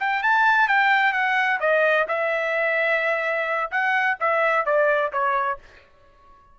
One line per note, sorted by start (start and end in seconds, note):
0.00 0.23 G5
0.23 0.68 A5
0.68 1.13 G5
1.13 1.60 F#5
1.60 2.07 D#5
2.08 3.71 E5
3.72 4.18 F#5
4.20 4.66 E5
4.66 5.13 D5
5.13 5.60 C#5